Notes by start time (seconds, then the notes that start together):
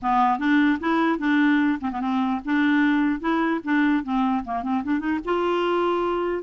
0.01 B3
0.38 D4
0.79 E4
1.19 D4
1.80 C4
1.91 B3
2.00 C4
2.44 D4
3.20 E4
3.64 D4
4.03 C4
4.44 A#3
4.63 C4
4.83 D4
4.99 D#4
5.24 F4